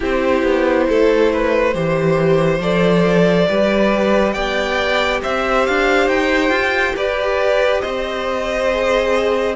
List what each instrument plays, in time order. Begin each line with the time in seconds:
0.00 cello C4, viola E4, violin G4 C5
0.43 cello B3
0.88 cello A3, violin A4
1.32 violin B4
1.74 cello E3, viola G4, violin C5
2.59 cello F3, viola A4, violin D5
3.48 cello G3, viola G4, violin B4
4.32 cello B3, violin D5 G5
5.21 cello C4, violin C5 E5
5.66 cello D4, violin F5
6.08 cello D#4, violin G5
6.49 cello F4
6.95 cello G4, violin B4 D5
7.80 cello C4, violin C5 D#5
8.71 viola G#4